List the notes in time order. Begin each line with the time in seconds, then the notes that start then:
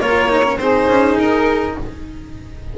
0.00 A#3 F4 A#4 C#5
0.29 D#4
0.44 C#4
0.57 C4 D#4 G#4 C5
0.88 C#4
1.18 D#4 A#4